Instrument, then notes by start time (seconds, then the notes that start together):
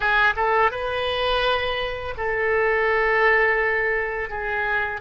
oboe
0.00 G#4
0.35 A4
0.71 B4
2.17 A4
4.29 G#4